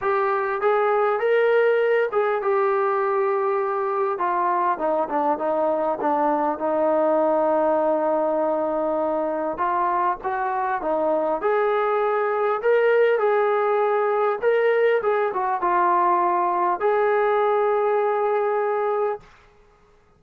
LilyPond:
\new Staff \with { instrumentName = "trombone" } { \time 4/4 \tempo 4 = 100 g'4 gis'4 ais'4. gis'8 | g'2. f'4 | dis'8 d'8 dis'4 d'4 dis'4~ | dis'1 |
f'4 fis'4 dis'4 gis'4~ | gis'4 ais'4 gis'2 | ais'4 gis'8 fis'8 f'2 | gis'1 | }